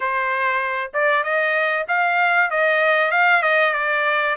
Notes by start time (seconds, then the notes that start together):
0.00 C5
0.93 D5
1.23 D#5
1.88 F5
2.50 D#5
3.11 F5
3.42 D#5
3.73 D5